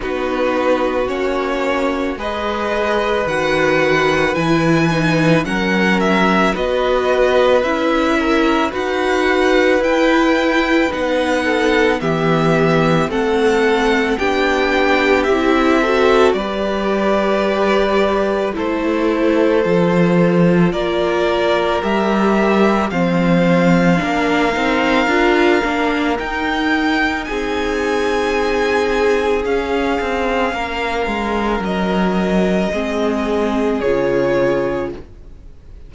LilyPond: <<
  \new Staff \with { instrumentName = "violin" } { \time 4/4 \tempo 4 = 55 b'4 cis''4 dis''4 fis''4 | gis''4 fis''8 e''8 dis''4 e''4 | fis''4 g''4 fis''4 e''4 | fis''4 g''4 e''4 d''4~ |
d''4 c''2 d''4 | e''4 f''2. | g''4 gis''2 f''4~ | f''4 dis''2 cis''4 | }
  \new Staff \with { instrumentName = "violin" } { \time 4/4 fis'2 b'2~ | b'4 ais'4 b'4. ais'8 | b'2~ b'8 a'8 g'4 | a'4 g'4. a'8 b'4~ |
b'4 a'2 ais'4~ | ais'4 c''4 ais'2~ | ais'4 gis'2. | ais'2 gis'2 | }
  \new Staff \with { instrumentName = "viola" } { \time 4/4 dis'4 cis'4 gis'4 fis'4 | e'8 dis'8 cis'4 fis'4 e'4 | fis'4 e'4 dis'4 b4 | c'4 d'4 e'8 fis'8 g'4~ |
g'4 e'4 f'2 | g'4 c'4 d'8 dis'8 f'8 d'8 | dis'2. cis'4~ | cis'2 c'4 f'4 | }
  \new Staff \with { instrumentName = "cello" } { \time 4/4 b4 ais4 gis4 dis4 | e4 fis4 b4 cis'4 | dis'4 e'4 b4 e4 | a4 b4 c'4 g4~ |
g4 a4 f4 ais4 | g4 f4 ais8 c'8 d'8 ais8 | dis'4 c'2 cis'8 c'8 | ais8 gis8 fis4 gis4 cis4 | }
>>